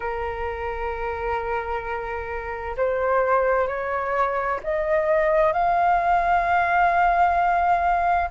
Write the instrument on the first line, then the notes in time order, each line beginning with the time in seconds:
flute
0.00 A#4
2.77 C5
3.67 C#5
4.63 D#5
5.52 F5